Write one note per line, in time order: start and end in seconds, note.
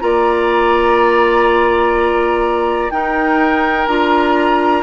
0.00 2.91 A#3
0.00 2.90 F4
0.00 2.93 D5
0.00 2.91 A#5
2.91 3.87 D#4
2.91 3.88 D#4
2.91 4.83 A#4
2.91 3.87 G5
3.87 4.83 D4
3.87 4.83 F4
3.87 4.83 A#5